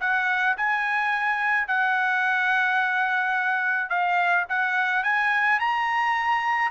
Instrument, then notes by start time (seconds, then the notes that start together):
trumpet
0.00 F#5
0.57 G#5
1.67 F#5
3.89 F5
4.49 F#5
5.03 G#5
5.59 A#5